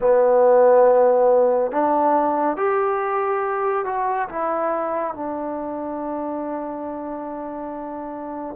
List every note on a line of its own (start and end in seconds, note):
0.00 1.71 B3
1.71 2.56 D4
2.56 3.85 G4
3.85 4.28 F#4
4.29 5.14 E4
5.14 8.56 D4